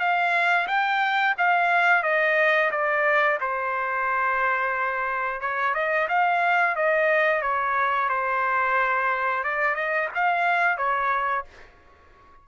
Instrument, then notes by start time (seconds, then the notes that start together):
trumpet
0.00 F5
0.68 G5
1.38 F5
2.03 D#5
2.71 D5
3.41 C5
5.41 C#5
5.75 D#5
6.09 F5
6.76 D#5
7.42 C#5
8.09 C5
9.44 D5
9.75 D#5
10.15 F5
10.78 C#5